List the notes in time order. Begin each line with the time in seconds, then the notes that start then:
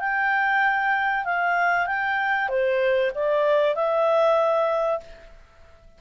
0.00 G5
1.25 F5
1.87 G5
2.49 C5
3.15 D5
3.76 E5